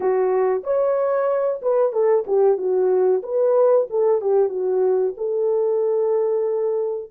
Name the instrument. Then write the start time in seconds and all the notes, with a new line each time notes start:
horn
0.00 F#4
0.63 C#5
1.62 B4
1.92 A4
2.26 G4
2.57 F#4
3.22 B4
3.90 A4
4.21 G4
4.48 F#4
5.17 A4